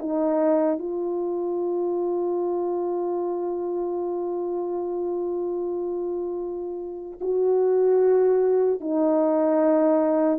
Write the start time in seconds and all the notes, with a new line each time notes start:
0.00 D#4
0.79 F4
7.21 F#4
8.81 D#4